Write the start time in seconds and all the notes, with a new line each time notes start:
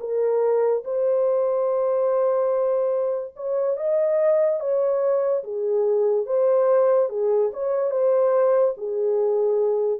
0.00 A#4
0.84 C5
3.36 C#5
3.77 D#5
4.60 C#5
5.44 G#4
6.26 C5
7.09 G#4
7.53 C#5
7.91 C5
8.77 G#4